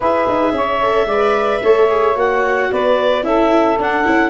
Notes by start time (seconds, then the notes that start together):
0.00 E4 G#4 B4 E5
0.28 D#4
0.51 C#4 C#5
0.82 A4
1.05 G#3 D5
1.12 B4
1.62 A3 A4 C#5
1.89 G#4
2.15 A#3 F#4 F#5
2.70 B3 B4 D5
3.22 C#4 E4 A4 E5
3.78 D4 F#5
4.03 C#4 E4